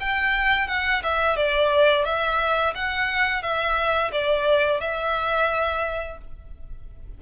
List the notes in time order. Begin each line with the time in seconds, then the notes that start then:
0.00 G5
0.68 F#5
1.03 E5
1.36 D5
2.05 E5
2.75 F#5
3.43 E5
4.12 D5
4.80 E5